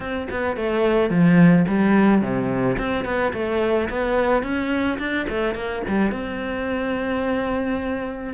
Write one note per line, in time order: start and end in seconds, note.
0.00 0.28 C4
0.30 0.56 B3
0.56 1.10 A3
1.10 1.65 F3
1.68 2.21 G3
2.21 2.77 C3
2.78 3.04 C4
3.04 3.32 B3
3.33 3.88 A3
3.89 4.42 B3
4.42 4.98 C#4
4.98 5.26 D4
5.29 5.54 A3
5.54 5.82 A#3
5.87 6.11 G3
6.11 8.34 C4